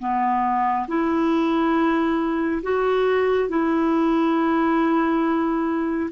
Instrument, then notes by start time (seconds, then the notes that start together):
clarinet
0.00 B3
0.88 E4
2.63 F#4
3.49 E4